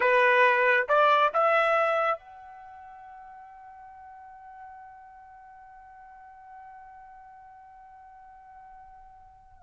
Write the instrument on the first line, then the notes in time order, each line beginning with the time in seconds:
trumpet
0.00 B4
0.88 D5
1.33 E5
2.18 F#5